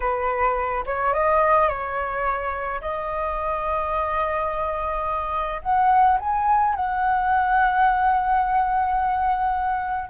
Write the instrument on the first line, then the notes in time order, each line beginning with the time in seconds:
flute
0.00 B4
0.86 C#5
1.13 D#5
1.68 C#5
2.81 D#5
5.62 F#5
6.19 G#5
6.75 F#5